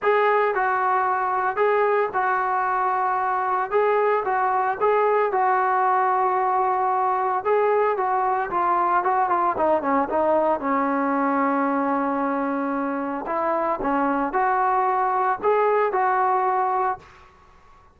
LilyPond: \new Staff \with { instrumentName = "trombone" } { \time 4/4 \tempo 4 = 113 gis'4 fis'2 gis'4 | fis'2. gis'4 | fis'4 gis'4 fis'2~ | fis'2 gis'4 fis'4 |
f'4 fis'8 f'8 dis'8 cis'8 dis'4 | cis'1~ | cis'4 e'4 cis'4 fis'4~ | fis'4 gis'4 fis'2 | }